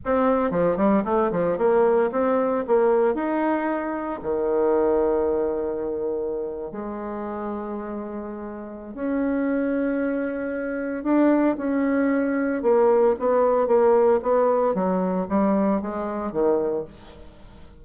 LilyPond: \new Staff \with { instrumentName = "bassoon" } { \time 4/4 \tempo 4 = 114 c'4 f8 g8 a8 f8 ais4 | c'4 ais4 dis'2 | dis1~ | dis8. gis2.~ gis16~ |
gis4 cis'2.~ | cis'4 d'4 cis'2 | ais4 b4 ais4 b4 | fis4 g4 gis4 dis4 | }